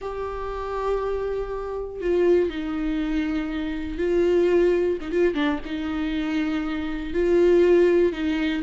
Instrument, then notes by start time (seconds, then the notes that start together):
viola
0.01 G4
2.00 F4
2.49 D#4
3.97 F4
5.00 D#4
5.11 F4
5.34 D4
5.65 D#4
7.13 F4
8.12 D#4